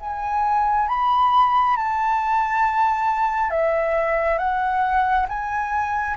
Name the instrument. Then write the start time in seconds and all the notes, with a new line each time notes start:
flute
0.00 G#5
0.88 B5
1.76 A5
3.50 E5
4.38 F#5
5.28 G#5